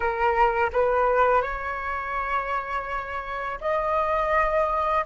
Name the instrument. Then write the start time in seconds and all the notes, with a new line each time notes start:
flute
0.00 A#4
0.72 B4
1.42 C#5
3.60 D#5